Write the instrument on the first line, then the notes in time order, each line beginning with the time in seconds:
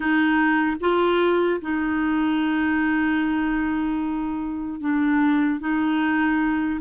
clarinet
0.00 D#4
0.80 F4
1.61 D#4
4.80 D4
5.60 D#4